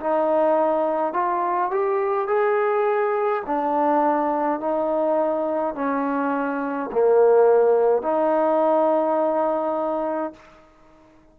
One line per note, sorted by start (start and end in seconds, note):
0.00 1.13 D#4
1.13 1.70 F4
1.70 2.27 G4
2.27 3.42 G#4
3.46 4.59 D4
4.59 5.74 D#4
5.74 6.90 C#4
6.92 8.02 A#3
8.02 10.33 D#4